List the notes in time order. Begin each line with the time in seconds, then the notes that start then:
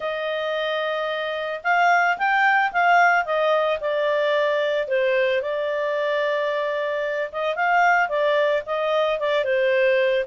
0.00 D#5
1.63 F5
2.17 G5
2.72 F5
3.25 D#5
3.80 D5
4.87 C5
5.41 D5
7.32 D#5
7.55 F5
8.08 D5
8.66 D#5
9.19 D5
9.44 C5